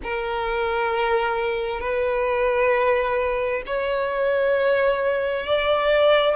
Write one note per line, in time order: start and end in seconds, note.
0.03 1.80 A#4
1.80 3.62 B4
3.66 5.46 C#5
5.46 6.36 D5